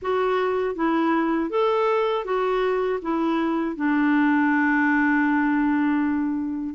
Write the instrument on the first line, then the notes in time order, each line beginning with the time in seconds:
clarinet
0.02 F#4
0.75 E4
1.50 A4
2.24 F#4
3.02 E4
3.76 D4